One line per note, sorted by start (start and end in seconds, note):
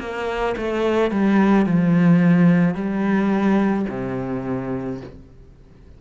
0.00 0.56 A#3
0.58 1.12 A3
1.12 1.66 G3
1.66 2.75 F3
2.75 3.86 G3
3.90 5.01 C3